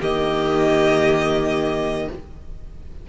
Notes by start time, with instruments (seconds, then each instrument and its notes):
0.00 cello D#3, viola A#3, violin G4 D#5